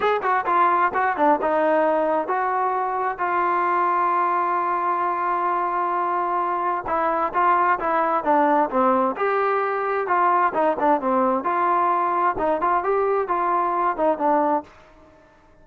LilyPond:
\new Staff \with { instrumentName = "trombone" } { \time 4/4 \tempo 4 = 131 gis'8 fis'8 f'4 fis'8 d'8 dis'4~ | dis'4 fis'2 f'4~ | f'1~ | f'2. e'4 |
f'4 e'4 d'4 c'4 | g'2 f'4 dis'8 d'8 | c'4 f'2 dis'8 f'8 | g'4 f'4. dis'8 d'4 | }